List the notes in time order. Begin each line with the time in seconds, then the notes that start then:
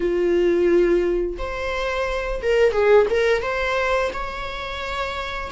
0.00 F4
1.38 C5
2.42 A#4
2.71 G#4
3.10 A#4
3.42 C5
4.13 C#5